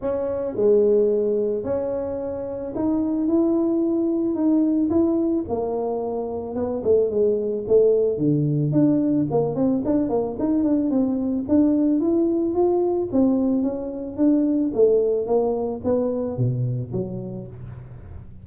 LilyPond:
\new Staff \with { instrumentName = "tuba" } { \time 4/4 \tempo 4 = 110 cis'4 gis2 cis'4~ | cis'4 dis'4 e'2 | dis'4 e'4 ais2 | b8 a8 gis4 a4 d4 |
d'4 ais8 c'8 d'8 ais8 dis'8 d'8 | c'4 d'4 e'4 f'4 | c'4 cis'4 d'4 a4 | ais4 b4 b,4 fis4 | }